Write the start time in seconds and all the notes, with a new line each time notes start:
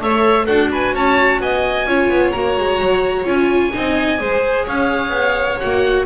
0.00 A3 A4 C#5 E5
0.45 D4 F#4 A4 F#5
0.71 B4 G#5
0.94 C#4 C#5 A5
1.40 B3 D#5 G#5
1.85 C#4 F4 C#5
2.09 B3
2.31 A#3 F#4 A#5
2.58 G#3
2.81 F#3
3.24 C#4 F4 G#5
3.73 C4 D#4 D#5
4.17 G#3 G#4 C5
4.65 C#4 C#5 F5
5.09 B3
5.59 A#3 F#4 F#5